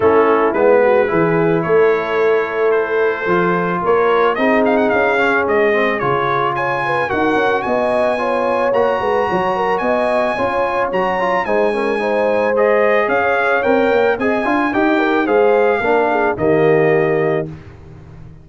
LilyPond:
<<
  \new Staff \with { instrumentName = "trumpet" } { \time 4/4 \tempo 4 = 110 a'4 b'2 cis''4~ | cis''4 c''2 cis''4 | dis''8 f''16 fis''16 f''4 dis''4 cis''4 | gis''4 fis''4 gis''2 |
ais''2 gis''2 | ais''4 gis''2 dis''4 | f''4 g''4 gis''4 g''4 | f''2 dis''2 | }
  \new Staff \with { instrumentName = "horn" } { \time 4/4 e'4. fis'8 gis'4 a'4~ | a'2. ais'4 | gis'1 | cis''8 b'8 ais'4 dis''4 cis''4~ |
cis''8 b'8 cis''8 ais'8 dis''4 cis''4~ | cis''4 c''8 ais'8 c''2 | cis''2 dis''8 f''8 dis''8 ais'8 | c''4 ais'8 gis'8 g'2 | }
  \new Staff \with { instrumentName = "trombone" } { \time 4/4 cis'4 b4 e'2~ | e'2 f'2 | dis'4. cis'4 c'8 f'4~ | f'4 fis'2 f'4 |
fis'2. f'4 | fis'8 f'8 dis'8 cis'8 dis'4 gis'4~ | gis'4 ais'4 gis'8 f'8 g'4 | gis'4 d'4 ais2 | }
  \new Staff \with { instrumentName = "tuba" } { \time 4/4 a4 gis4 e4 a4~ | a2 f4 ais4 | c'4 cis'4 gis4 cis4~ | cis4 dis'8 cis'8 b2 |
ais8 gis8 fis4 b4 cis'4 | fis4 gis2. | cis'4 c'8 ais8 c'8 d'8 dis'4 | gis4 ais4 dis2 | }
>>